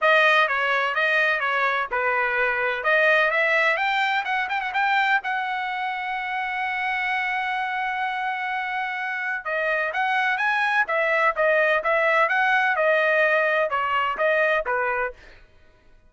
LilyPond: \new Staff \with { instrumentName = "trumpet" } { \time 4/4 \tempo 4 = 127 dis''4 cis''4 dis''4 cis''4 | b'2 dis''4 e''4 | g''4 fis''8 g''16 fis''16 g''4 fis''4~ | fis''1~ |
fis''1 | dis''4 fis''4 gis''4 e''4 | dis''4 e''4 fis''4 dis''4~ | dis''4 cis''4 dis''4 b'4 | }